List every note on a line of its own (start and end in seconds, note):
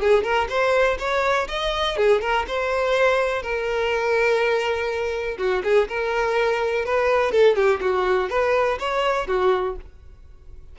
0.00 0.23 G#4
0.23 0.47 A#4
0.49 0.97 C5
0.98 1.47 C#5
1.47 1.96 D#5
1.96 2.21 G#4
2.21 2.45 A#4
2.47 3.42 C5
3.42 5.37 A#4
5.38 5.62 F#4
5.63 5.88 G#4
5.88 6.85 A#4
6.85 7.31 B4
7.31 7.55 A4
7.55 7.80 G4
7.80 8.29 F#4
8.29 8.78 B4
8.79 9.27 C#5
9.27 9.76 F#4